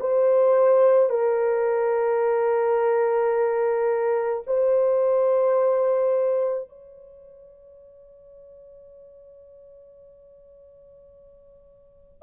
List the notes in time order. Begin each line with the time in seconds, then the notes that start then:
0.00 C5
1.10 A#4
4.46 C5
6.69 C#5